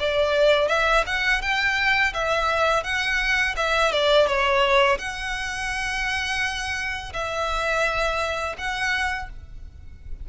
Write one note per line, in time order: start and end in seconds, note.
0.00 0.69 D5
0.69 1.05 E5
1.07 1.42 F#5
1.42 2.14 G5
2.14 2.84 E5
2.84 3.56 F#5
3.57 3.92 E5
3.92 4.27 D5
4.27 4.98 C#5
4.99 7.13 F#5
7.14 8.56 E5
8.58 9.30 F#5